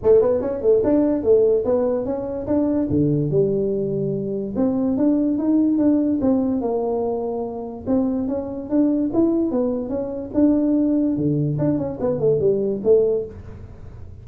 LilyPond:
\new Staff \with { instrumentName = "tuba" } { \time 4/4 \tempo 4 = 145 a8 b8 cis'8 a8 d'4 a4 | b4 cis'4 d'4 d4 | g2. c'4 | d'4 dis'4 d'4 c'4 |
ais2. c'4 | cis'4 d'4 e'4 b4 | cis'4 d'2 d4 | d'8 cis'8 b8 a8 g4 a4 | }